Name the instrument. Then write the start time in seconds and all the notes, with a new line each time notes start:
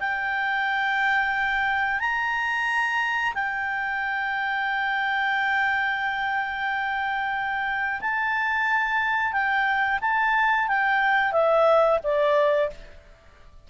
clarinet
0.00 G5
2.00 A#5
3.34 G5
8.01 A5
9.33 G5
10.01 A5
10.68 G5
11.32 E5
12.04 D5